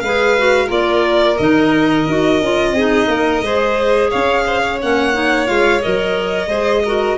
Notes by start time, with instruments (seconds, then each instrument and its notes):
0.00 tuba G#3, clarinet G#4, violin B4 F5
0.38 clarinet F#4
0.66 tuba A#3, clarinet F4, violin A#4 D5
1.38 tuba D#3, clarinet D#4, violin D#5
2.07 tuba D#4, clarinet F#4
2.41 tuba C#4, clarinet F4
2.72 tuba C4, clarinet D#4, violin G#4
3.08 tuba A#3, violin A#4
3.41 tuba G#3, clarinet G#4, violin C5
4.10 tuba C#4, violin C#5 F5
4.47 violin C5
4.62 violin C#5
4.81 tuba A#3, clarinet C#4, violin F#5
5.13 clarinet D#4
5.46 tuba G#3, clarinet F4, violin F5
5.82 tuba F#3, clarinet A#4, violin D#5
6.47 tuba G#3, clarinet G#4, violin C5
6.85 clarinet F#4, violin A#4